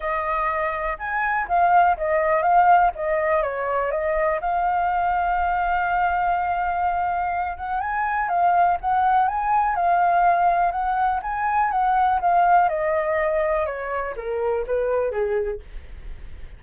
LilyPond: \new Staff \with { instrumentName = "flute" } { \time 4/4 \tempo 4 = 123 dis''2 gis''4 f''4 | dis''4 f''4 dis''4 cis''4 | dis''4 f''2.~ | f''2.~ f''8 fis''8 |
gis''4 f''4 fis''4 gis''4 | f''2 fis''4 gis''4 | fis''4 f''4 dis''2 | cis''4 ais'4 b'4 gis'4 | }